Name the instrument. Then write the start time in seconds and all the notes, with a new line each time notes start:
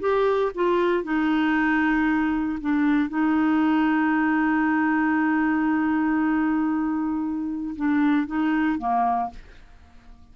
clarinet
0.00 G4
0.55 F4
1.04 D#4
2.60 D4
3.09 D#4
7.76 D4
8.27 D#4
8.78 A#3